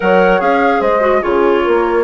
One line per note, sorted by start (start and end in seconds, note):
0.00 0.41 F#3
0.00 0.39 A#4
0.00 0.80 C#5
0.00 0.41 F#5
0.39 0.80 C#4
0.39 1.00 G#4
0.39 0.81 F5
0.80 1.21 G#3
0.80 1.21 C5
0.80 1.22 D#5
1.00 1.21 F#4
1.21 1.65 C#3
1.21 2.03 F4
1.21 1.63 G#4
1.21 2.03 C#5
1.63 2.03 A#3
1.63 2.03 A#4